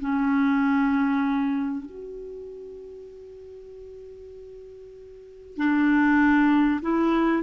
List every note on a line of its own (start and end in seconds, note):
0.00 1.85 C#4
1.85 5.56 F#4
5.57 6.80 D4
6.81 7.43 E4